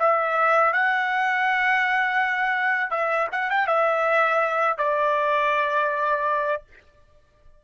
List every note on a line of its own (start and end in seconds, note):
0.00 0.73 E5
0.73 2.91 F#5
2.91 3.28 E5
3.32 3.51 F#5
3.51 3.68 G5
3.68 4.78 E5
4.78 6.64 D5